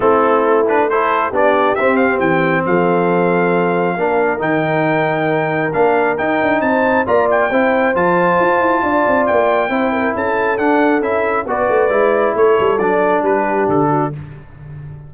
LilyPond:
<<
  \new Staff \with { instrumentName = "trumpet" } { \time 4/4 \tempo 4 = 136 a'4. b'8 c''4 d''4 | e''8 f''8 g''4 f''2~ | f''2 g''2~ | g''4 f''4 g''4 a''4 |
ais''8 g''4. a''2~ | a''4 g''2 a''4 | fis''4 e''4 d''2 | cis''4 d''4 b'4 a'4 | }
  \new Staff \with { instrumentName = "horn" } { \time 4/4 e'2 a'4 g'4~ | g'2 a'2~ | a'4 ais'2.~ | ais'2. c''4 |
d''4 c''2. | d''2 c''8 ais'8 a'4~ | a'2 b'2 | a'2 g'4. fis'8 | }
  \new Staff \with { instrumentName = "trombone" } { \time 4/4 c'4. d'8 e'4 d'4 | c'1~ | c'4 d'4 dis'2~ | dis'4 d'4 dis'2 |
f'4 e'4 f'2~ | f'2 e'2 | d'4 e'4 fis'4 e'4~ | e'4 d'2. | }
  \new Staff \with { instrumentName = "tuba" } { \time 4/4 a2. b4 | c'4 e4 f2~ | f4 ais4 dis2~ | dis4 ais4 dis'8 d'8 c'4 |
ais4 c'4 f4 f'8 e'8 | d'8 c'8 ais4 c'4 cis'4 | d'4 cis'4 b8 a8 gis4 | a8 g8 fis4 g4 d4 | }
>>